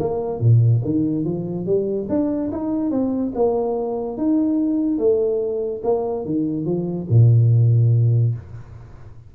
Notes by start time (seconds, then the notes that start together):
0.00 A#3
0.41 A#2
0.85 D#3
1.25 F3
1.67 G3
2.10 D4
2.52 D#4
2.91 C4
3.35 A#3
4.18 D#4
4.99 A3
5.84 A#3
6.26 D#3
6.66 F3
7.10 A#2